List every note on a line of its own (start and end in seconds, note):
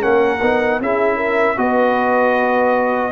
0.00 0.42 A#3
0.00 0.39 C#4
0.00 0.80 A#4
0.00 0.81 F#5
0.42 0.80 B3
0.42 0.82 D#4
0.80 1.58 C#4
0.80 1.57 E4
0.80 1.16 G#4
0.80 1.59 E5
1.16 1.55 A#4
1.57 3.12 B3
1.57 3.12 F#4
1.57 3.12 B4
1.57 3.12 D#5